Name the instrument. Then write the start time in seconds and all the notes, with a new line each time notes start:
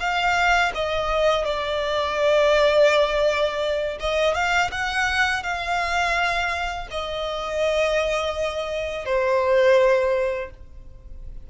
violin
0.00 F5
0.75 D#5
1.45 D5
4.00 D#5
4.34 F5
4.72 F#5
5.43 F5
6.91 D#5
9.06 C5